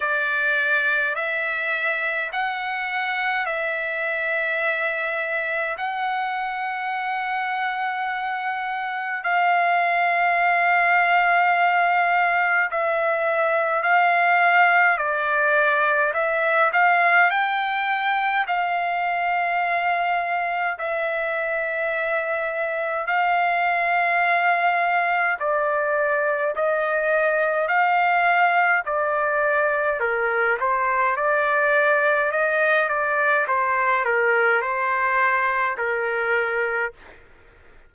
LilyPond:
\new Staff \with { instrumentName = "trumpet" } { \time 4/4 \tempo 4 = 52 d''4 e''4 fis''4 e''4~ | e''4 fis''2. | f''2. e''4 | f''4 d''4 e''8 f''8 g''4 |
f''2 e''2 | f''2 d''4 dis''4 | f''4 d''4 ais'8 c''8 d''4 | dis''8 d''8 c''8 ais'8 c''4 ais'4 | }